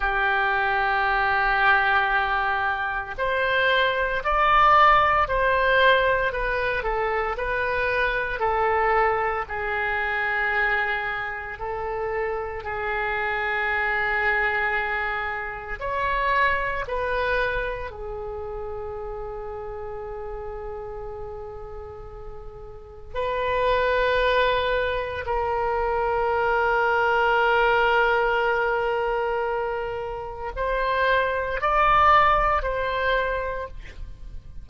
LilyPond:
\new Staff \with { instrumentName = "oboe" } { \time 4/4 \tempo 4 = 57 g'2. c''4 | d''4 c''4 b'8 a'8 b'4 | a'4 gis'2 a'4 | gis'2. cis''4 |
b'4 gis'2.~ | gis'2 b'2 | ais'1~ | ais'4 c''4 d''4 c''4 | }